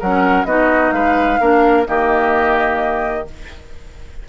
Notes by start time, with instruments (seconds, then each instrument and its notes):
0.00 bassoon F#3, clarinet C#4, oboe A#4, flute F#5
0.45 bassoon B3, clarinet D#4, oboe F#4, flute D#5
0.92 bassoon G#3, oboe B4, flute F5
1.40 bassoon A#3, clarinet D4, oboe A#4
1.85 bassoon D#3, clarinet A#3, oboe G4, flute D#5